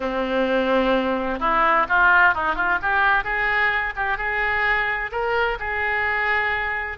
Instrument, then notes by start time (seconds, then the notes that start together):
oboe
0.00 C4
1.39 E4
1.88 F4
2.34 D#4
2.55 F4
2.82 G4
3.23 G#4
3.95 G4
4.17 G#4
5.11 A#4
5.59 G#4